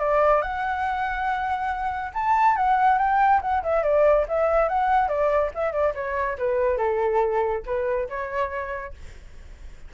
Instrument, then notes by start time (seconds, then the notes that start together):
flute
0.00 D5
0.42 F#5
2.14 A5
2.57 F#5
2.99 G5
3.42 F#5
3.64 E5
3.84 D5
4.29 E5
4.69 F#5
5.09 D5
5.55 E5
5.73 D5
5.95 C#5
6.39 B4
6.78 A4
7.66 B4
8.09 C#5